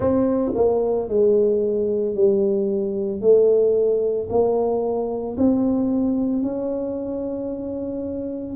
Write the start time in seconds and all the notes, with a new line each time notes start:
0.00 C4
0.54 A#3
1.08 G#3
2.14 G3
3.20 A3
4.29 A#3
5.37 C4
6.42 C#4